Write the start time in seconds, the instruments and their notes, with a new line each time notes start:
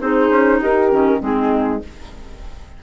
0.00 bassoon C4, clarinet D#4, horn G#4, flute C5
0.29 bassoon C#4
0.59 bassoon D#4, horn G4, flute A#4
0.90 bassoon D#3, clarinet C#4
1.20 bassoon G#3, clarinet C4, horn D#4, flute G#4